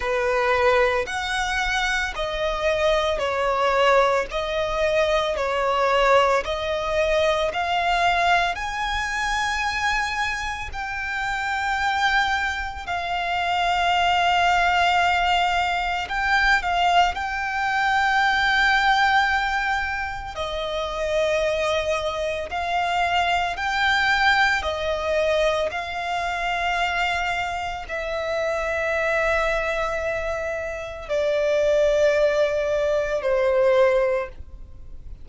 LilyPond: \new Staff \with { instrumentName = "violin" } { \time 4/4 \tempo 4 = 56 b'4 fis''4 dis''4 cis''4 | dis''4 cis''4 dis''4 f''4 | gis''2 g''2 | f''2. g''8 f''8 |
g''2. dis''4~ | dis''4 f''4 g''4 dis''4 | f''2 e''2~ | e''4 d''2 c''4 | }